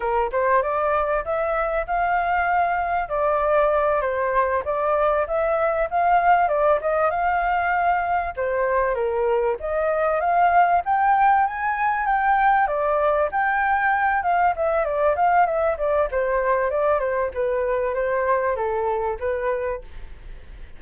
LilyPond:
\new Staff \with { instrumentName = "flute" } { \time 4/4 \tempo 4 = 97 ais'8 c''8 d''4 e''4 f''4~ | f''4 d''4. c''4 d''8~ | d''8 e''4 f''4 d''8 dis''8 f''8~ | f''4. c''4 ais'4 dis''8~ |
dis''8 f''4 g''4 gis''4 g''8~ | g''8 d''4 g''4. f''8 e''8 | d''8 f''8 e''8 d''8 c''4 d''8 c''8 | b'4 c''4 a'4 b'4 | }